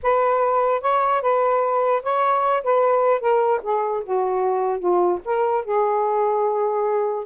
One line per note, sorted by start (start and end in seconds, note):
0.02 0.81 B4
0.81 1.21 C#5
1.21 2.02 B4
2.02 2.63 C#5
2.63 3.20 B4
3.20 3.60 A#4
3.63 4.03 G#4
4.04 4.79 F#4
4.79 5.19 F4
5.25 5.64 A#4
5.64 7.25 G#4